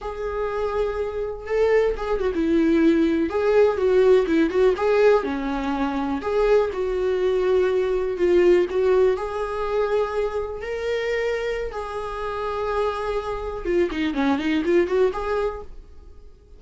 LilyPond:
\new Staff \with { instrumentName = "viola" } { \time 4/4 \tempo 4 = 123 gis'2. a'4 | gis'8 fis'16 e'2 gis'4 fis'16~ | fis'8. e'8 fis'8 gis'4 cis'4~ cis'16~ | cis'8. gis'4 fis'2~ fis'16~ |
fis'8. f'4 fis'4 gis'4~ gis'16~ | gis'4.~ gis'16 ais'2~ ais'16 | gis'1 | f'8 dis'8 cis'8 dis'8 f'8 fis'8 gis'4 | }